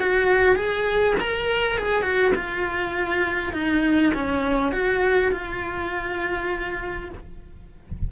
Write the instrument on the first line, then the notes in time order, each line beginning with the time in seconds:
cello
0.00 F#4
0.56 G#4
1.20 A#4
1.78 G#4
2.03 F#4
2.35 F4
3.53 D#4
4.14 C#4
4.73 F#4
5.32 F4